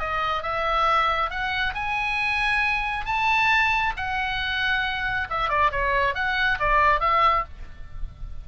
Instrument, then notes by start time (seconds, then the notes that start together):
oboe
0.00 D#5
0.43 E5
1.31 F#5
1.75 G#5
3.06 A5
3.97 F#5
5.30 E5
5.49 D5
5.72 C#5
6.15 F#5
6.60 D5
7.01 E5